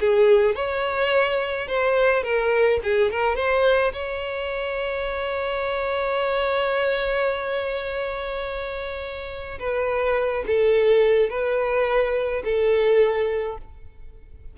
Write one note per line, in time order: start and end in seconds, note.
0.00 0.55 G#4
0.55 1.67 C#5
1.67 2.23 C5
2.23 2.80 A#4
2.83 3.11 G#4
3.11 3.36 A#4
3.36 3.92 C5
3.93 9.59 C#5
9.59 10.44 B4
10.47 11.29 A4
11.29 12.42 B4
12.44 13.57 A4